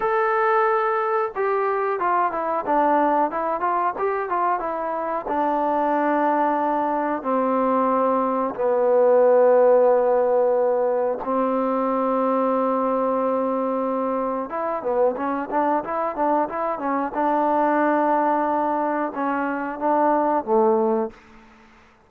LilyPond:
\new Staff \with { instrumentName = "trombone" } { \time 4/4 \tempo 4 = 91 a'2 g'4 f'8 e'8 | d'4 e'8 f'8 g'8 f'8 e'4 | d'2. c'4~ | c'4 b2.~ |
b4 c'2.~ | c'2 e'8 b8 cis'8 d'8 | e'8 d'8 e'8 cis'8 d'2~ | d'4 cis'4 d'4 a4 | }